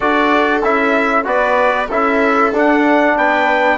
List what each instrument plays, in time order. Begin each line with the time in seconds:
0.00 bassoon D4, trombone F#4, viola A4, trumpet D5
0.62 bassoon C#4, trombone E4, trumpet E5
1.24 bassoon B3, trombone F#4, viola B4, trumpet D5
1.89 bassoon C#4, trombone E4, viola A4, trumpet E5
2.52 bassoon D4, trombone D4, trumpet F#5
3.16 bassoon B3, viola B4, trumpet G5